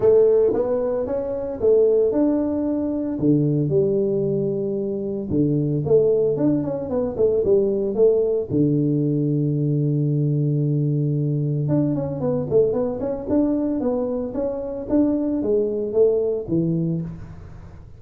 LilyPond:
\new Staff \with { instrumentName = "tuba" } { \time 4/4 \tempo 4 = 113 a4 b4 cis'4 a4 | d'2 d4 g4~ | g2 d4 a4 | d'8 cis'8 b8 a8 g4 a4 |
d1~ | d2 d'8 cis'8 b8 a8 | b8 cis'8 d'4 b4 cis'4 | d'4 gis4 a4 e4 | }